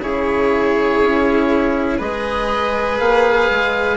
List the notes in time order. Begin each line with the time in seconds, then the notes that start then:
0.00 C#3 E4 G#4 C#5
1.02 C#4
1.98 G#3 G#4 B4 D#5
2.99 A#3 F5
3.51 G#3